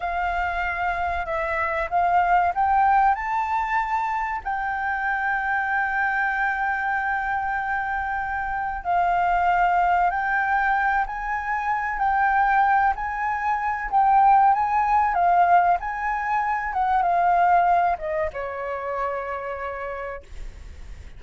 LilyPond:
\new Staff \with { instrumentName = "flute" } { \time 4/4 \tempo 4 = 95 f''2 e''4 f''4 | g''4 a''2 g''4~ | g''1~ | g''2 f''2 |
g''4. gis''4. g''4~ | g''8 gis''4. g''4 gis''4 | f''4 gis''4. fis''8 f''4~ | f''8 dis''8 cis''2. | }